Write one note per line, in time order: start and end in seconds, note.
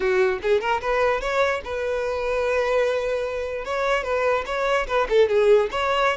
0.00 0.39 F#4
0.42 0.60 G#4
0.60 0.81 A#4
0.81 1.21 B4
1.21 1.61 C#5
1.64 3.64 B4
3.64 4.03 C#5
4.03 4.44 B4
4.46 4.86 C#5
4.87 5.07 B4
5.09 5.29 A4
5.29 5.69 G#4
5.71 6.16 C#5